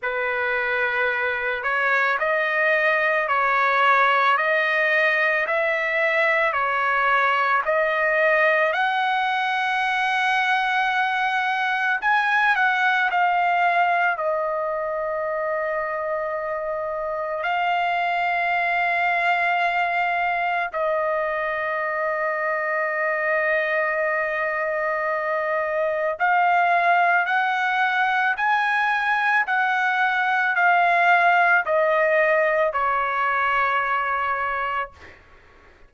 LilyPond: \new Staff \with { instrumentName = "trumpet" } { \time 4/4 \tempo 4 = 55 b'4. cis''8 dis''4 cis''4 | dis''4 e''4 cis''4 dis''4 | fis''2. gis''8 fis''8 | f''4 dis''2. |
f''2. dis''4~ | dis''1 | f''4 fis''4 gis''4 fis''4 | f''4 dis''4 cis''2 | }